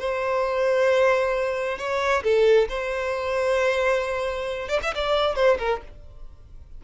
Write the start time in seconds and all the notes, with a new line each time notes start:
0.00 C5
1.78 C#5
2.24 A4
2.69 C5
4.69 D5
4.83 E5
4.95 D5
5.36 C5
5.59 A#4